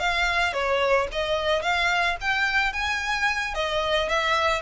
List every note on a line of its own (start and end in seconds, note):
0.00 0.54 F5
0.54 1.08 C#5
1.12 1.62 D#5
1.62 2.17 F5
2.21 2.73 G5
2.73 3.55 G#5
3.55 4.09 D#5
4.09 4.62 E5